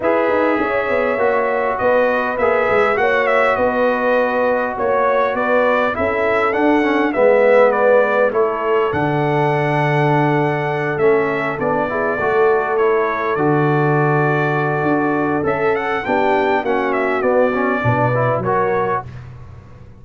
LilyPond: <<
  \new Staff \with { instrumentName = "trumpet" } { \time 4/4 \tempo 4 = 101 e''2. dis''4 | e''4 fis''8 e''8 dis''2 | cis''4 d''4 e''4 fis''4 | e''4 d''4 cis''4 fis''4~ |
fis''2~ fis''8 e''4 d''8~ | d''4. cis''4 d''4.~ | d''2 e''8 fis''8 g''4 | fis''8 e''8 d''2 cis''4 | }
  \new Staff \with { instrumentName = "horn" } { \time 4/4 b'4 cis''2 b'4~ | b'4 cis''4 b'2 | cis''4 b'4 a'2 | b'2 a'2~ |
a'1 | gis'8 a'2.~ a'8~ | a'2. g'4 | fis'2 b'4 ais'4 | }
  \new Staff \with { instrumentName = "trombone" } { \time 4/4 gis'2 fis'2 | gis'4 fis'2.~ | fis'2 e'4 d'8 cis'8 | b2 e'4 d'4~ |
d'2~ d'8 cis'4 d'8 | e'8 fis'4 e'4 fis'4.~ | fis'2 a'4 d'4 | cis'4 b8 cis'8 d'8 e'8 fis'4 | }
  \new Staff \with { instrumentName = "tuba" } { \time 4/4 e'8 dis'8 cis'8 b8 ais4 b4 | ais8 gis8 ais4 b2 | ais4 b4 cis'4 d'4 | gis2 a4 d4~ |
d2~ d8 a4 b8~ | b8 a2 d4.~ | d4 d'4 cis'4 b4 | ais4 b4 b,4 fis4 | }
>>